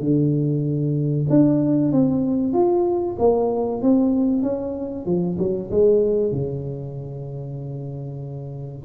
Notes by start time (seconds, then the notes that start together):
0.00 D3
1.29 D4
1.92 C4
2.53 F4
3.19 A#3
3.82 C4
4.42 C#4
5.06 F3
5.39 F#3
5.71 G#3
6.32 C#3